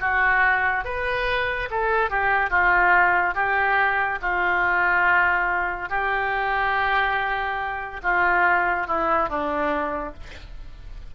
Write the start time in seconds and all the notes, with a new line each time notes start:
0.00 F#4
0.85 B4
1.70 A4
2.10 G4
2.50 F4
3.34 G4
4.21 F4
5.89 G4
8.03 F4
8.87 E4
9.29 D4